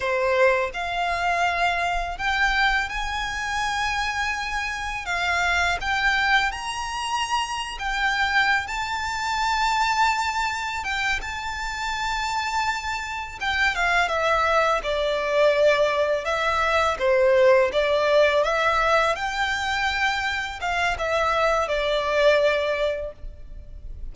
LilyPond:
\new Staff \with { instrumentName = "violin" } { \time 4/4 \tempo 4 = 83 c''4 f''2 g''4 | gis''2. f''4 | g''4 ais''4.~ ais''16 g''4~ g''16 | a''2. g''8 a''8~ |
a''2~ a''8 g''8 f''8 e''8~ | e''8 d''2 e''4 c''8~ | c''8 d''4 e''4 g''4.~ | g''8 f''8 e''4 d''2 | }